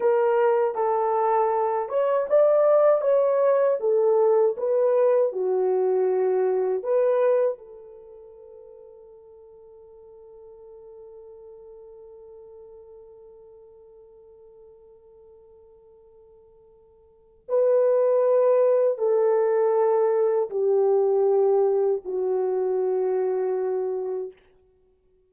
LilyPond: \new Staff \with { instrumentName = "horn" } { \time 4/4 \tempo 4 = 79 ais'4 a'4. cis''8 d''4 | cis''4 a'4 b'4 fis'4~ | fis'4 b'4 a'2~ | a'1~ |
a'1~ | a'2. b'4~ | b'4 a'2 g'4~ | g'4 fis'2. | }